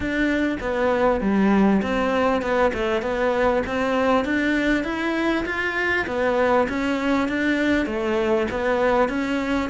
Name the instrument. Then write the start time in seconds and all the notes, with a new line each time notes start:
cello
0.00 D4
0.60 B3
1.20 G3
1.82 C4
2.41 B3
2.73 A3
3.02 B3
3.66 C4
4.25 D4
4.84 E4
5.45 F4
6.07 B3
6.69 C#4
7.28 D4
7.86 A3
8.50 B3
9.09 C#4